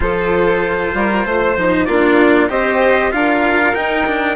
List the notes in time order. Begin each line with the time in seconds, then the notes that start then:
0.00 F3 F4 A4 C5
0.93 G3 A#4
1.25 A3 C5
1.56 F3 D#4
1.85 A#3 D4 F4 D5
2.49 C4 G4 C5 D#5
3.11 D4 F4 A#4 F5
3.74 D#4 G5
4.06 D4